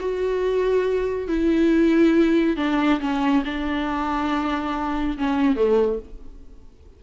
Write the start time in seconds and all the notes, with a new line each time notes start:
0.00 F#4
1.28 E4
2.57 D4
3.00 C#4
3.45 D4
5.18 C#4
5.56 A3